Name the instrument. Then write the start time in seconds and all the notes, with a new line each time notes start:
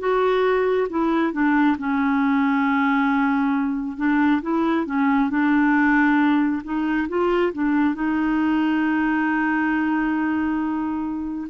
clarinet
0.00 F#4
0.90 E4
1.33 D4
1.78 C#4
3.97 D4
4.42 E4
4.86 C#4
5.30 D4
6.64 D#4
7.09 F4
7.54 D4
7.95 D#4